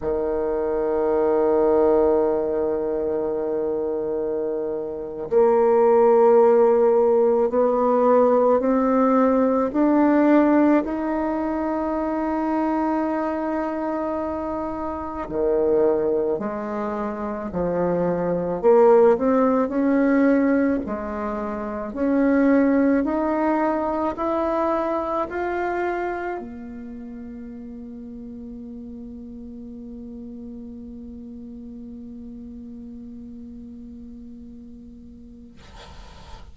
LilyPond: \new Staff \with { instrumentName = "bassoon" } { \time 4/4 \tempo 4 = 54 dis1~ | dis8. ais2 b4 c'16~ | c'8. d'4 dis'2~ dis'16~ | dis'4.~ dis'16 dis4 gis4 f16~ |
f8. ais8 c'8 cis'4 gis4 cis'16~ | cis'8. dis'4 e'4 f'4 ais16~ | ais1~ | ais1 | }